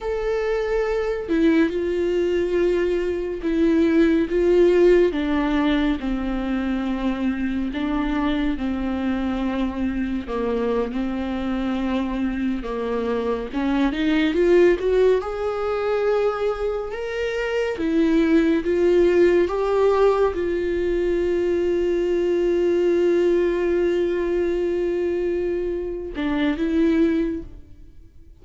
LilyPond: \new Staff \with { instrumentName = "viola" } { \time 4/4 \tempo 4 = 70 a'4. e'8 f'2 | e'4 f'4 d'4 c'4~ | c'4 d'4 c'2 | ais8. c'2 ais4 cis'16~ |
cis'16 dis'8 f'8 fis'8 gis'2 ais'16~ | ais'8. e'4 f'4 g'4 f'16~ | f'1~ | f'2~ f'8 d'8 e'4 | }